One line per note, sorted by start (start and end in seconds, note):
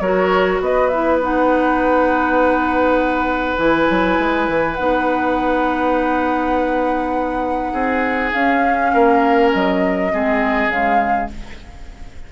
0.00 0.60 F#3
0.00 0.92 F#4
0.00 0.61 A#4
0.00 0.59 C#5
0.60 3.57 B3
0.60 7.73 B4
0.60 0.88 D#5
0.88 1.22 E4
0.88 1.18 E5
1.22 3.58 D#4
1.22 3.58 F#5
3.58 3.88 E3
3.58 4.77 E4
3.58 4.74 G#5
3.90 4.19 F#3
4.19 4.48 G#3
4.49 4.78 E3
4.74 7.73 B3
4.74 8.34 D#4
4.74 8.31 F#5
7.73 8.32 C4
7.73 8.92 G#4
8.32 10.12 C#4
8.32 8.94 C#4
8.32 9.51 F5
8.93 9.53 A#3
8.93 10.12 A#4
9.53 10.13 F#3
9.53 10.70 D#5
10.12 10.67 G#3
10.12 10.70 C4
10.12 11.32 G#4
10.67 11.27 C#3
10.67 11.29 G#3
10.67 11.30 F5